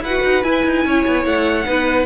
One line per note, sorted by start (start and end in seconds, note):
0.00 0.20 E4
0.00 0.44 F#4
0.00 0.85 B4
0.00 0.43 F#5
0.24 0.43 D#4
0.43 0.64 E4
0.43 1.65 E4
0.43 1.24 G#5
0.65 0.85 D#4
0.85 1.05 C#4
0.85 1.66 C#5
1.06 1.25 B3
1.25 1.66 A3
1.25 2.06 F#5
1.65 2.06 B3
1.65 2.06 D#4
1.65 2.06 B4